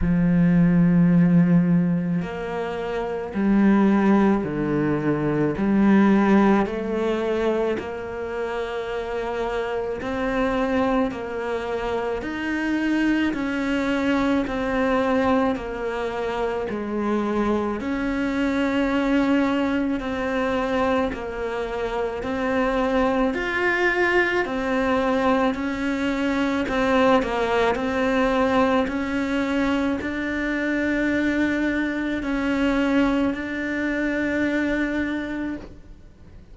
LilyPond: \new Staff \with { instrumentName = "cello" } { \time 4/4 \tempo 4 = 54 f2 ais4 g4 | d4 g4 a4 ais4~ | ais4 c'4 ais4 dis'4 | cis'4 c'4 ais4 gis4 |
cis'2 c'4 ais4 | c'4 f'4 c'4 cis'4 | c'8 ais8 c'4 cis'4 d'4~ | d'4 cis'4 d'2 | }